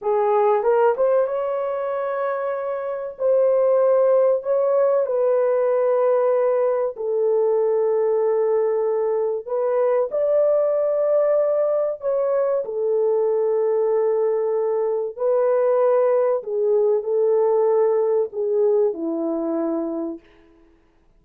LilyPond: \new Staff \with { instrumentName = "horn" } { \time 4/4 \tempo 4 = 95 gis'4 ais'8 c''8 cis''2~ | cis''4 c''2 cis''4 | b'2. a'4~ | a'2. b'4 |
d''2. cis''4 | a'1 | b'2 gis'4 a'4~ | a'4 gis'4 e'2 | }